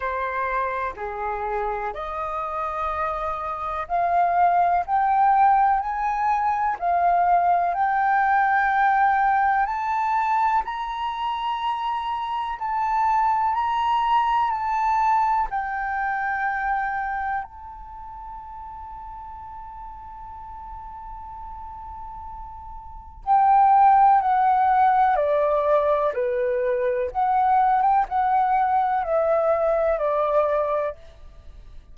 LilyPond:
\new Staff \with { instrumentName = "flute" } { \time 4/4 \tempo 4 = 62 c''4 gis'4 dis''2 | f''4 g''4 gis''4 f''4 | g''2 a''4 ais''4~ | ais''4 a''4 ais''4 a''4 |
g''2 a''2~ | a''1 | g''4 fis''4 d''4 b'4 | fis''8. g''16 fis''4 e''4 d''4 | }